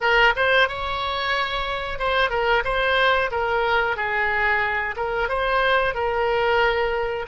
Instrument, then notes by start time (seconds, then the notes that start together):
oboe
0.00 A#4
0.36 C5
0.68 C#5
1.98 C5
2.30 A#4
2.64 C5
3.31 A#4
3.96 G#4
4.96 A#4
5.29 C5
5.94 A#4